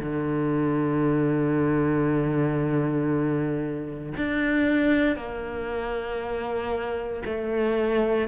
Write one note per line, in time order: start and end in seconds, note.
0.00 4.14 D3
4.18 5.16 D4
5.16 7.23 A#3
7.26 8.29 A3